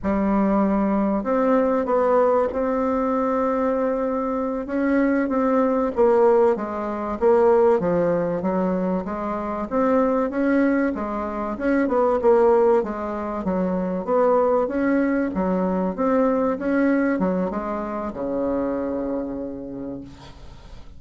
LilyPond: \new Staff \with { instrumentName = "bassoon" } { \time 4/4 \tempo 4 = 96 g2 c'4 b4 | c'2.~ c'8 cis'8~ | cis'8 c'4 ais4 gis4 ais8~ | ais8 f4 fis4 gis4 c'8~ |
c'8 cis'4 gis4 cis'8 b8 ais8~ | ais8 gis4 fis4 b4 cis'8~ | cis'8 fis4 c'4 cis'4 fis8 | gis4 cis2. | }